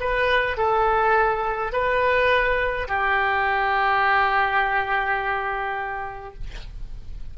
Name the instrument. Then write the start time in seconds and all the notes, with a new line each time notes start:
oboe
0.00 B4
0.57 A4
1.73 B4
2.88 G4